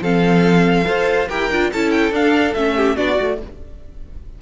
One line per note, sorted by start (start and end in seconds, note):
0.00 0.85 F3
0.00 0.84 C4
0.00 0.86 A4
0.00 1.28 F5
0.84 1.29 F4
0.84 1.26 A4
0.84 1.28 C5
1.28 1.50 E4
1.28 1.50 G4
1.28 1.70 A#4
1.28 1.70 G5
1.50 1.72 D4
1.50 1.73 F4
1.72 2.11 C#4
1.72 2.12 E4
1.72 2.76 A4
1.72 1.90 A5
1.90 2.12 G5
2.11 2.54 D4
2.11 2.54 F5
2.54 2.97 A3
2.54 2.97 C#4
2.54 2.96 E5
2.76 2.96 G4
2.96 3.18 B3
2.96 3.16 D4
2.96 3.38 F#4
2.96 3.38 D5
3.16 3.41 A3
3.16 3.37 F#4